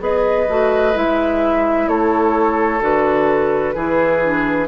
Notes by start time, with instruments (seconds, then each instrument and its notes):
0.00 bassoon B3, clarinet G#4, oboe B4, flute D#5
0.49 bassoon A3, clarinet F#4
0.94 bassoon G#3, clarinet E4, flute E5
1.88 bassoon A3, oboe A4, flute C#5
2.81 bassoon D3, clarinet F#4, flute B4
3.75 bassoon E3, clarinet E4, oboe G#4
4.24 clarinet D4